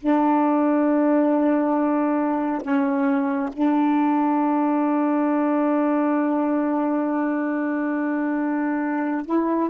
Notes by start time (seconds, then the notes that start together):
0.00 D4
2.62 C#4
3.53 D4
9.26 E4